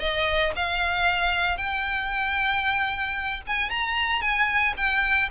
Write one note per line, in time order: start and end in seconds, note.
0.00 0.53 D#5
0.56 1.58 F5
1.58 3.42 G5
3.48 3.70 G#5
3.70 4.22 A#5
4.22 4.74 G#5
4.77 5.30 G5